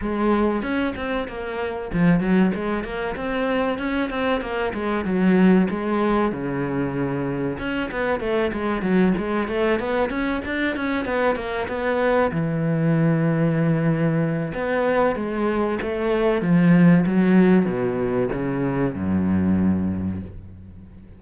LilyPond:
\new Staff \with { instrumentName = "cello" } { \time 4/4 \tempo 4 = 95 gis4 cis'8 c'8 ais4 f8 fis8 | gis8 ais8 c'4 cis'8 c'8 ais8 gis8 | fis4 gis4 cis2 | cis'8 b8 a8 gis8 fis8 gis8 a8 b8 |
cis'8 d'8 cis'8 b8 ais8 b4 e8~ | e2. b4 | gis4 a4 f4 fis4 | b,4 cis4 fis,2 | }